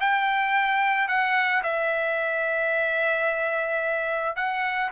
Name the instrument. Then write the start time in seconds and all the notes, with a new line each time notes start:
trumpet
0.00 G5
1.08 F#5
1.63 E5
4.36 F#5